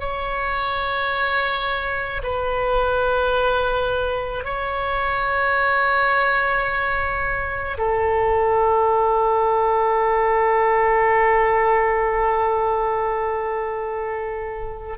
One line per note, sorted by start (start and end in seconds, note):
0.00 2.22 C#5
2.24 4.44 B4
4.44 7.78 C#5
7.78 14.98 A4